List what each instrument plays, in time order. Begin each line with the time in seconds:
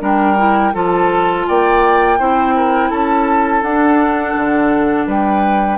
0.00 bassoon G3, clarinet D4, oboe A#4, flute G5
0.37 clarinet E4
0.74 bassoon F3, clarinet F4, oboe A4, flute A5
1.48 bassoon A#3, oboe D5, flute G5
2.19 bassoon C4, clarinet E4, oboe C5
2.56 oboe A#4
2.90 bassoon C#4, oboe A4, flute A5
3.62 bassoon D4, clarinet D4, flute F#5
4.36 bassoon D3
5.07 bassoon G3, oboe B4, flute G5